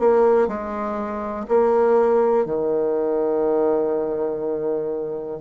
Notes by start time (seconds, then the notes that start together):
0.00 A#3
0.48 G#3
1.48 A#3
2.46 D#3